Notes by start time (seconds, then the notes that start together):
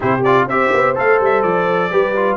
0.00 C3 E4 G4 C5
0.23 F4 D5
0.46 C4 G4 C5 E5
0.73 B3
0.95 A3 A4 F5
1.20 G3 E5
1.42 F3 D5
1.91 G3 G4 B4
2.16 F4